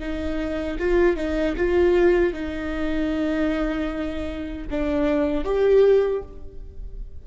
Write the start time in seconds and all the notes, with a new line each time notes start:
0.00 D#4
0.79 F4
1.17 D#4
1.57 F4
2.33 D#4
4.71 D4
5.44 G4